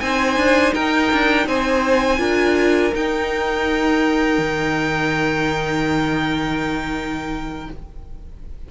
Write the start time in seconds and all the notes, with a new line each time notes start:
0.00 C4 D#4 C5 G#5
0.36 D4
0.74 D#4 A#4 G5
1.13 D4
1.46 C4 C5 G#5
2.18 D4 F4 A#4
2.93 D#4 G5
4.38 D#3